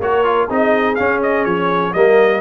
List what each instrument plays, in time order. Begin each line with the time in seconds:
0.00 tuba A#3, trombone F#4, horn A#4, trumpet C#5
0.25 trombone F4
0.49 tuba C4, trombone D#4, horn G#4, trumpet D#5
0.96 trombone C#4, tuba C#4, trumpet F5
1.23 trumpet D#5
1.45 tuba F3, trumpet C#5
1.94 tuba G3, trombone A#3, horn A#4, trumpet D#5